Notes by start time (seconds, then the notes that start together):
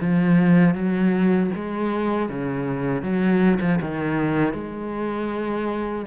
0.00 F3
0.74 F#3
1.55 G#3
2.29 C#3
3.02 F#3
3.60 F3
3.81 D#3
4.53 G#3